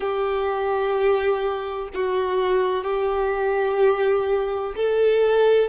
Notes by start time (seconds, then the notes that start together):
0.00 G4
1.94 F#4
2.84 G4
4.76 A4